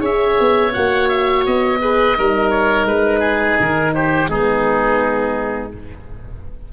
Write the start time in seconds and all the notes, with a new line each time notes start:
0.00 C#4 G#4 C#5 E5
0.40 B3
0.74 A#3 F#4 F#5
1.09 E5
1.47 B3 D#5
1.82 G#4 B4
2.17 G3 D#4 A#4
2.51 C#5
2.86 G#3 B4
3.20 G#4
3.60 D#3 A#4
3.95 G4 C5
4.28 G#3 B3 D#4 G#4